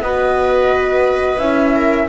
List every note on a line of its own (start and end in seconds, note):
0.00 1.38 B3
0.00 1.40 F#4
0.00 1.75 B4
0.00 1.39 D#5
1.39 2.07 C#4
1.39 2.09 E4
1.39 2.08 E5
1.75 2.09 A#4